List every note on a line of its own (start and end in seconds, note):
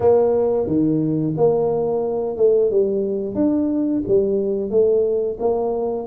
0.00 0.66 A#3
0.66 1.34 D#3
1.36 2.37 A#3
2.37 2.70 A3
2.70 3.34 G3
3.34 4.02 D4
4.07 4.70 G3
4.70 5.37 A3
5.39 6.07 A#3